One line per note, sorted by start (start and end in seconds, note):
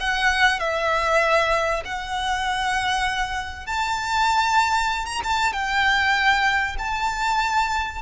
0.00 0.59 F#5
0.59 1.83 E5
1.84 3.66 F#5
3.66 5.06 A5
5.06 5.21 A#5
5.23 5.52 A5
5.52 6.76 G5
6.78 8.02 A5